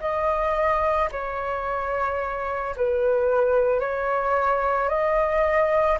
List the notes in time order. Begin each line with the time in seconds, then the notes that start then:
0.00 D#5
1.11 C#5
2.76 B4
3.79 C#5
4.88 D#5